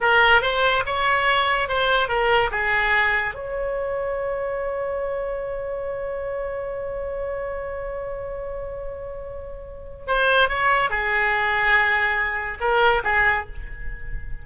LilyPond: \new Staff \with { instrumentName = "oboe" } { \time 4/4 \tempo 4 = 143 ais'4 c''4 cis''2 | c''4 ais'4 gis'2 | cis''1~ | cis''1~ |
cis''1~ | cis''1 | c''4 cis''4 gis'2~ | gis'2 ais'4 gis'4 | }